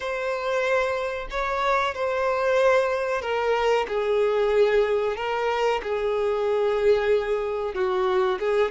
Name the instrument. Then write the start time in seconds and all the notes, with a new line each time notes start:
violin
0.00 C5
1.30 C#5
1.94 C5
3.21 A#4
3.87 G#4
5.16 A#4
5.82 G#4
7.74 F#4
8.39 G#4